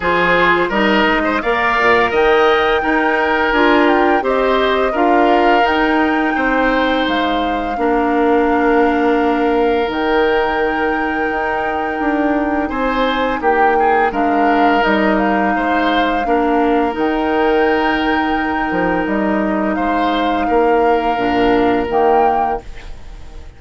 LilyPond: <<
  \new Staff \with { instrumentName = "flute" } { \time 4/4 \tempo 4 = 85 c''4 dis''4 f''4 g''4~ | g''4 gis''8 g''8 dis''4 f''4 | g''2 f''2~ | f''2 g''2~ |
g''2 gis''4 g''4 | f''4 dis''8 f''2~ f''8 | g''2. dis''4 | f''2. g''4 | }
  \new Staff \with { instrumentName = "oboe" } { \time 4/4 gis'4 ais'8. c''16 d''4 dis''4 | ais'2 c''4 ais'4~ | ais'4 c''2 ais'4~ | ais'1~ |
ais'2 c''4 g'8 gis'8 | ais'2 c''4 ais'4~ | ais'1 | c''4 ais'2. | }
  \new Staff \with { instrumentName = "clarinet" } { \time 4/4 f'4 dis'4 ais'2 | dis'4 f'4 g'4 f'4 | dis'2. d'4~ | d'2 dis'2~ |
dis'1 | d'4 dis'2 d'4 | dis'1~ | dis'2 d'4 ais4 | }
  \new Staff \with { instrumentName = "bassoon" } { \time 4/4 f4 g8 gis8 ais8 ais,8 dis4 | dis'4 d'4 c'4 d'4 | dis'4 c'4 gis4 ais4~ | ais2 dis2 |
dis'4 d'4 c'4 ais4 | gis4 g4 gis4 ais4 | dis2~ dis8 f8 g4 | gis4 ais4 ais,4 dis4 | }
>>